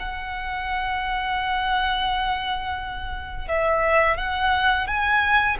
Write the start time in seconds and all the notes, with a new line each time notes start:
0.00 F#5
3.48 E5
4.18 F#5
4.88 G#5